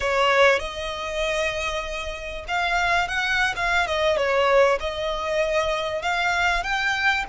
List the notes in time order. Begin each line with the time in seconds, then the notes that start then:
0.00 C#5
0.59 D#5
2.47 F5
3.08 F#5
3.55 F5
3.86 D#5
4.16 C#5
4.80 D#5
6.02 F5
6.63 G5